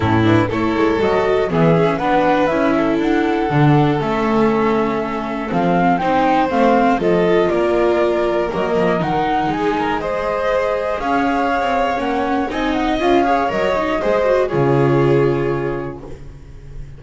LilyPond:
<<
  \new Staff \with { instrumentName = "flute" } { \time 4/4 \tempo 4 = 120 a'8 b'8 cis''4 dis''4 e''4 | fis''4 e''4 fis''2 | e''2. f''4 | g''4 f''4 dis''4 d''4~ |
d''4 dis''4 fis''4 gis''4 | dis''2 f''2 | fis''4 gis''8 fis''8 f''4 dis''4~ | dis''4 cis''2. | }
  \new Staff \with { instrumentName = "violin" } { \time 4/4 e'4 a'2 gis'4 | b'4. a'2~ a'8~ | a'1 | c''2 a'4 ais'4~ |
ais'2. gis'8 ais'8 | c''2 cis''2~ | cis''4 dis''4. cis''4. | c''4 gis'2. | }
  \new Staff \with { instrumentName = "viola" } { \time 4/4 cis'8 d'8 e'4 fis'4 b8 cis'8 | d'4 e'2 d'4 | cis'2. c'4 | dis'4 c'4 f'2~ |
f'4 ais4 dis'2 | gis'1 | cis'4 dis'4 f'8 gis'8 ais'8 dis'8 | gis'8 fis'8 f'2. | }
  \new Staff \with { instrumentName = "double bass" } { \time 4/4 a,4 a8 gis8 fis4 e4 | b4 cis'4 d'4 d4 | a2. f4 | c'4 a4 f4 ais4~ |
ais4 fis8 f8 dis4 gis4~ | gis2 cis'4~ cis'16 c'8. | ais4 c'4 cis'4 fis4 | gis4 cis2. | }
>>